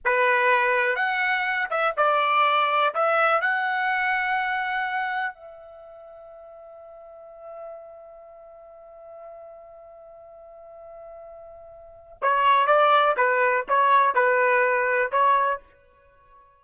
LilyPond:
\new Staff \with { instrumentName = "trumpet" } { \time 4/4 \tempo 4 = 123 b'2 fis''4. e''8 | d''2 e''4 fis''4~ | fis''2. e''4~ | e''1~ |
e''1~ | e''1~ | e''4 cis''4 d''4 b'4 | cis''4 b'2 cis''4 | }